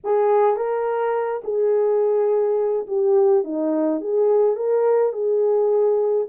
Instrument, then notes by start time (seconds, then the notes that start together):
horn
0.04 G#4
0.56 A#4
1.44 G#4
2.87 G4
3.43 D#4
4.00 G#4
4.56 A#4
5.12 G#4